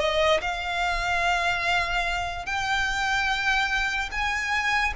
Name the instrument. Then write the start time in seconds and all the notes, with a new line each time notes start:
violin
0.00 D#5
0.41 F5
2.46 G5
4.12 G#5